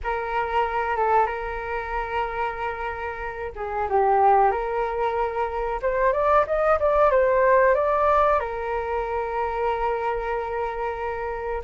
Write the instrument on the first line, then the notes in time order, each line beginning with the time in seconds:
flute
0.03 A#4
0.96 A4
1.26 A#4
3.55 G#4
3.89 G4
4.51 A#4
5.82 C5
6.12 D5
6.46 D#5
6.79 D5
7.11 C5
7.74 D5
8.39 A#4